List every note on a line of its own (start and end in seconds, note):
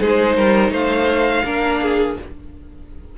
0.00 0.37 G#3
0.00 1.44 D#4
0.00 0.36 G#4
0.00 0.73 C5
0.36 0.70 G3
0.36 0.71 A#4
0.70 1.42 A3
0.70 1.43 C5
0.70 2.17 F5
1.44 2.16 A#3
1.44 2.17 D4
1.44 1.81 A#4
1.81 2.17 G#4